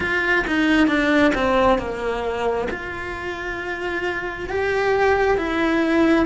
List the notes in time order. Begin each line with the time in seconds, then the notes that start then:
0.00 F4
0.47 D#4
0.87 D4
1.34 C4
1.78 A#3
2.70 F4
4.49 G4
5.37 E4